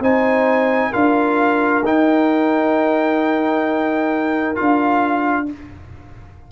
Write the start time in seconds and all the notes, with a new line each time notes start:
0.00 C4 D#4 C5 G#5
0.90 D4 F4 A#4 F5
1.83 D#4 G5
4.55 D4 F4 F5